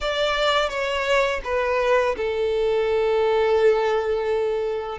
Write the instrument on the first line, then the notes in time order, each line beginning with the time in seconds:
violin
0.00 D5
0.69 C#5
1.44 B4
2.17 A4